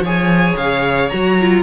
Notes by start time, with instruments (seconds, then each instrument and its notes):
0.00 cello F3, viola G#4, violin C#5
0.06 violin G#5
0.57 cello C#3, violin F5
1.09 cello F#3, viola F#4, violin A#5
1.41 viola F4